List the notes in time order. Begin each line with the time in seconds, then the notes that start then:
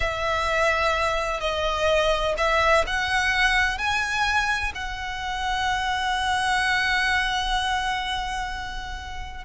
0.00 E5
1.40 D#5
2.37 E5
2.86 F#5
3.78 G#5
4.74 F#5